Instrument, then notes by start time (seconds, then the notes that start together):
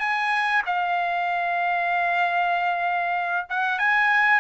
trumpet
0.00 G#5
0.66 F5
3.50 F#5
3.79 G#5